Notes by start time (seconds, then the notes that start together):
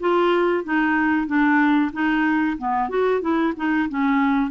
0.00 F4
0.64 D#4
1.27 D4
1.93 D#4
2.58 B3
2.89 F#4
3.21 E4
3.57 D#4
3.89 C#4